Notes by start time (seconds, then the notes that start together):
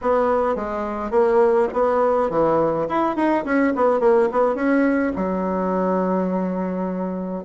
0.01 B3
0.55 G#3
1.11 A#3
1.73 B3
2.30 E3
2.88 E4
3.16 D#4
3.44 C#4
3.75 B3
4.00 A#3
4.31 B3
4.55 C#4
5.16 F#3